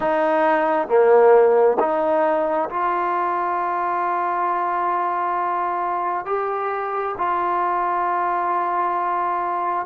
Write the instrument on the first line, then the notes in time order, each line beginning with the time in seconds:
trombone
0.00 D#4
0.88 A#3
1.79 D#4
2.69 F4
6.25 G4
7.17 F4